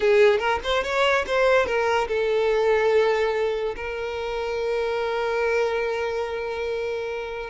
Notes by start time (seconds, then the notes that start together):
0.00 G#4
0.38 A#4
0.63 C5
0.83 C#5
1.26 C5
1.66 A#4
2.08 A4
3.75 A#4